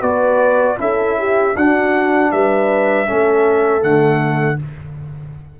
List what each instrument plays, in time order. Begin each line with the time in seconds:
0.00 tuba B3, trombone F#4, horn B4, trumpet D5
0.77 tuba C#4, trombone E4, horn A4, trumpet E5
1.18 horn G4
1.55 tuba D4, trombone D4, horn F#4, trumpet F#5
2.31 tuba G3, horn B4, trumpet E5
3.06 tuba A3, trombone C#4, horn A4
3.80 tuba D3, trombone A3, trumpet F#5